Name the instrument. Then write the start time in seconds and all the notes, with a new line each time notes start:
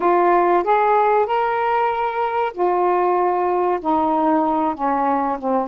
saxophone
0.00 F4
0.63 G#4
1.25 A#4
2.53 F4
3.81 D#4
4.75 C#4
5.38 C4